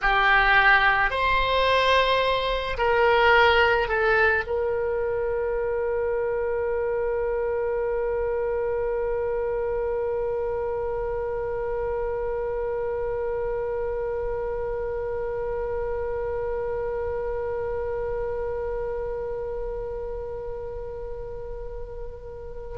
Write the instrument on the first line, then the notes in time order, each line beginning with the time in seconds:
oboe
0.01 G4
1.10 C5
2.77 A#4
3.88 A4
4.46 A#4